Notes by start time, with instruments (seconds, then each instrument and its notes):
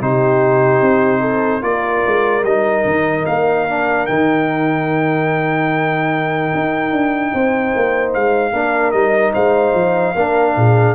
0.00 tuba C3, trombone D#4, horn G4, trumpet C5
0.81 tuba C4
1.21 horn A4
1.61 tuba A#3, trombone F4, horn A#4, trumpet D5
2.06 tuba G#3
2.43 tuba G3, trombone D#4, trumpet D#5
2.84 tuba D#3
3.26 tuba A#3, trumpet F5
3.68 trombone D4
4.06 tuba D#3, trombone D#4, trumpet G5
6.54 tuba D#4
6.92 tuba D4
7.34 tuba C4, horn C5
7.76 tuba A#3
8.14 tuba G#3, trumpet F5
8.52 tuba A#3, trombone D4, horn A#4
8.91 tuba G3, trombone D#4, trumpet D#5
9.33 tuba G#3, horn C5, trumpet F5
9.74 tuba F3
10.14 tuba A#3, trombone D4, horn A#4
10.56 tuba A#2, horn G#4